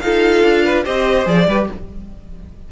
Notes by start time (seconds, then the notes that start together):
0.00 D#4 F4 A4 F5
0.43 D4
0.64 B4
0.84 C4 G4 C5 D#5
1.25 F3 G#4 D5
1.47 G3 G4 B4